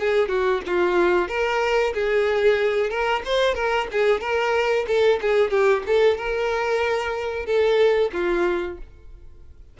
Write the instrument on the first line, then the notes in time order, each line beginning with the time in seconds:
violin
0.00 G#4
0.29 F#4
0.67 F4
1.29 A#4
1.95 G#4
2.90 A#4
3.25 C5
3.55 A#4
3.92 G#4
4.21 A#4
4.88 A4
5.22 G#4
5.51 G4
5.87 A4
6.18 A#4
7.46 A4
8.13 F4